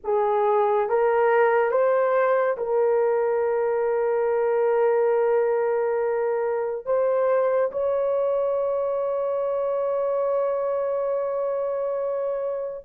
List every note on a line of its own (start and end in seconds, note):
0.04 0.89 G#4
0.89 1.71 A#4
1.71 2.56 C5
2.57 6.85 A#4
6.85 7.71 C5
7.71 12.85 C#5